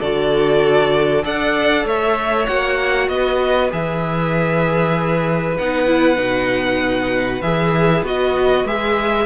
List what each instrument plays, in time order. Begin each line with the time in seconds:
0.00 cello D3, viola F#4, violin A4 D5
1.22 cello D4, viola A4, violin D5 F#5
1.85 cello A3, violin C#5 E5
2.46 cello A#3, viola F#4, violin F#5
3.08 cello B3, violin D#5
3.14 violin B4
3.71 cello E3, viola G#4, violin E5
5.58 cello B3, viola D#4, violin F#5
5.86 viola E4
6.16 cello B2, viola D#4
7.41 cello E3, viola G#4, violin E5
8.02 cello B3, viola F#4, violin D#5
8.64 cello G#3, viola G#4, violin E5